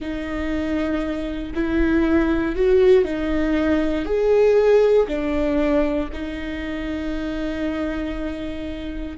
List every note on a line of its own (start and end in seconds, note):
0.00 1.53 D#4
1.54 2.55 E4
2.55 3.04 F#4
3.04 4.04 D#4
4.04 5.06 G#4
5.07 6.09 D4
6.12 9.17 D#4